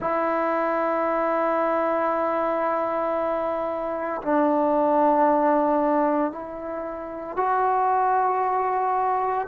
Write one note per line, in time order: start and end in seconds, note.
0.00 4.21 E4
4.22 6.31 D4
6.31 7.36 E4
7.36 9.47 F#4